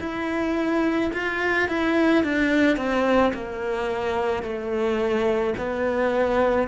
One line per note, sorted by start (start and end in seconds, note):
0.00 1.11 E4
1.13 1.69 F4
1.69 2.24 E4
2.24 2.77 D4
2.77 3.33 C4
3.34 4.43 A#3
4.43 5.54 A3
5.58 6.68 B3